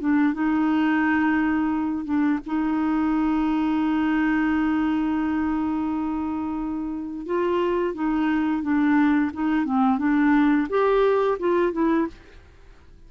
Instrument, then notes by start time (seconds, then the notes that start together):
clarinet
0.00 D4
0.34 D#4
2.05 D4
2.46 D#4
7.26 F4
7.94 D#4
8.62 D4
9.33 D#4
9.65 C4
9.98 D4
10.69 G4
11.39 F4
11.72 E4